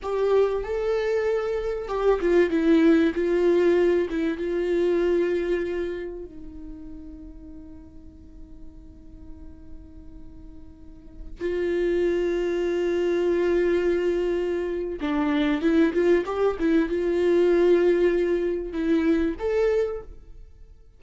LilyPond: \new Staff \with { instrumentName = "viola" } { \time 4/4 \tempo 4 = 96 g'4 a'2 g'8 f'8 | e'4 f'4. e'8 f'4~ | f'2 dis'2~ | dis'1~ |
dis'2~ dis'16 f'4.~ f'16~ | f'1 | d'4 e'8 f'8 g'8 e'8 f'4~ | f'2 e'4 a'4 | }